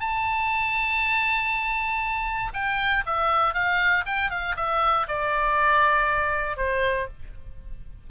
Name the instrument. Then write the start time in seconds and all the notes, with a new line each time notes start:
oboe
0.00 A5
2.53 G5
3.06 E5
3.54 F5
4.06 G5
4.30 F5
4.56 E5
5.08 D5
6.57 C5